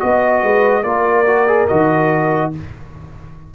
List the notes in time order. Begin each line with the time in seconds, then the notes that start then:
0.00 B3 F#4 D#5
0.43 G#3 B4
0.84 A#3 F4 A#4 D5
1.27 F#4
1.48 G#4
1.68 D#3 F#4 D#5